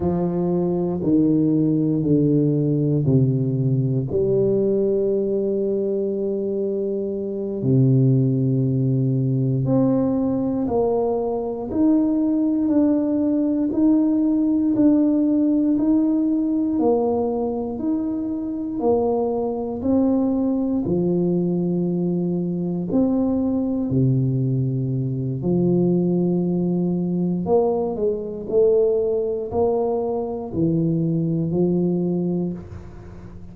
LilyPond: \new Staff \with { instrumentName = "tuba" } { \time 4/4 \tempo 4 = 59 f4 dis4 d4 c4 | g2.~ g8 c8~ | c4. c'4 ais4 dis'8~ | dis'8 d'4 dis'4 d'4 dis'8~ |
dis'8 ais4 dis'4 ais4 c'8~ | c'8 f2 c'4 c8~ | c4 f2 ais8 gis8 | a4 ais4 e4 f4 | }